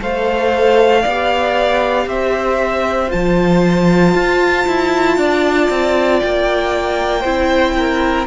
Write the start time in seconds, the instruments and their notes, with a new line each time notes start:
0.00 cello A3, viola A4, violin C5 F5
1.02 cello B3, viola G4, violin D5
2.06 cello C4, violin C5 E5
3.08 cello F3, viola F4, violin A5
4.14 cello F4
4.67 cello E4
5.17 cello D4, violin D5
5.70 cello C4
6.20 cello A#3, violin G5
7.21 cello C4, viola E4, violin C5
7.77 violin A#4